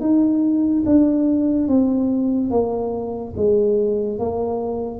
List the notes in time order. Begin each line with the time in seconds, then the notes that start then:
0.00 D#4
0.85 D4
1.68 C4
2.50 A#3
3.36 G#3
4.19 A#3